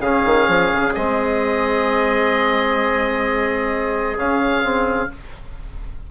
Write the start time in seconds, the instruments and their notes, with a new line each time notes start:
0.00 bassoon C#3, trombone C#4, trumpet G#4, oboe F5
0.25 bassoon D#3
0.48 bassoon F3
0.73 bassoon C#3
0.94 bassoon G#3, trombone C4, oboe D#5
4.17 bassoon C#3, trombone C#4, oboe F5
4.63 trombone C4